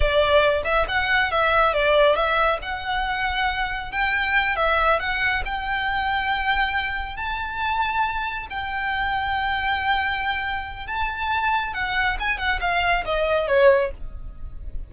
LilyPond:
\new Staff \with { instrumentName = "violin" } { \time 4/4 \tempo 4 = 138 d''4. e''8 fis''4 e''4 | d''4 e''4 fis''2~ | fis''4 g''4. e''4 fis''8~ | fis''8 g''2.~ g''8~ |
g''8 a''2. g''8~ | g''1~ | g''4 a''2 fis''4 | gis''8 fis''8 f''4 dis''4 cis''4 | }